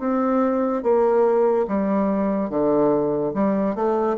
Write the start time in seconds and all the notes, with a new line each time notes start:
0.00 C4
0.83 A#3
1.68 G3
2.50 D3
3.34 G3
3.75 A3